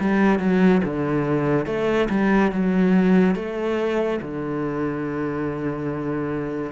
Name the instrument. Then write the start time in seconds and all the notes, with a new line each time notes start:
cello
0.00 G3
0.39 F#3
0.84 D3
1.66 A3
2.09 G3
2.51 F#3
3.35 A3
4.21 D3